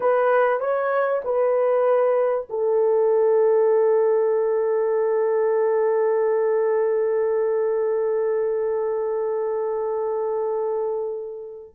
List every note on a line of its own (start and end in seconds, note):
0.00 0.60 B4
0.60 1.21 C#5
1.24 2.47 B4
2.49 11.75 A4